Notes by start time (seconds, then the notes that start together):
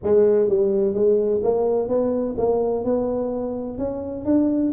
0.03 G#3
0.49 G3
0.94 G#3
1.43 A#3
1.88 B3
2.37 A#3
2.84 B3
3.78 C#4
4.25 D4